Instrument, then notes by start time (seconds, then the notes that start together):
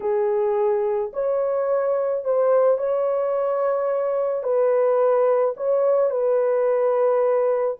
horn
0.00 G#4
1.13 C#5
2.24 C5
2.78 C#5
4.43 B4
5.56 C#5
6.10 B4